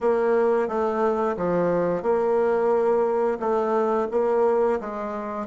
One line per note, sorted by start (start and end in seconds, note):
0.00 0.68 A#3
0.68 1.36 A3
1.36 2.02 F3
2.02 3.38 A#3
3.39 4.07 A3
4.11 4.79 A#3
4.80 5.46 G#3